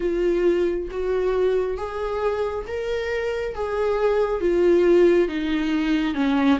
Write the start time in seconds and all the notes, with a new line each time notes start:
0.00 F4
0.91 F#4
1.76 G#4
2.67 A#4
3.54 G#4
4.40 F4
5.28 D#4
6.14 C#4